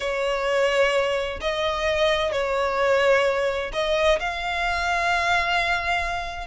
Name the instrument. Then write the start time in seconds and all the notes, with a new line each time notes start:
violin
0.00 C#5
1.40 D#5
2.32 C#5
3.73 D#5
4.19 F5